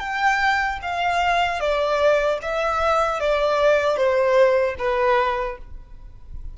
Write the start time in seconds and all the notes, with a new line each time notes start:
0.00 G5
0.82 F5
1.60 D5
2.42 E5
3.20 D5
3.97 C5
4.79 B4